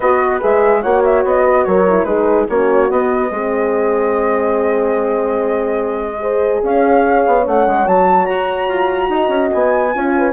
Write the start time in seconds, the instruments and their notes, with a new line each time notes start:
0.00 bassoon B3, horn F#4 B4, flute D#5
0.40 bassoon G#3, horn G#4, flute E5
0.81 bassoon A#3, horn F#4 C#5, flute F#5
1.03 flute E5
1.24 bassoon B3, flute D#5
1.44 horn B4
1.64 bassoon F#3, horn A#4, flute C#5
1.88 horn E4
2.04 bassoon G#3, horn D#4 G#4, flute B4
2.48 bassoon A#3, horn C#4 F#4, flute C#5
2.89 horn B3, bassoon B3, flute D#5
3.30 bassoon G#3, horn C4 G#4
6.18 horn G#4 C5
6.62 bassoon C#4, horn C#5, flute F5
7.26 bassoon B3
7.43 bassoon A3, horn C#4, flute F#5
7.66 bassoon G#3
7.85 bassoon F#3, horn F#4, flute A5
8.25 bassoon F#4, flute A#5
8.68 bassoon F4
9.09 bassoon D#4, horn D#5
9.28 bassoon C#4
9.52 bassoon B3, flute G#5
9.94 bassoon C#4, horn F4 C#5
10.18 horn B4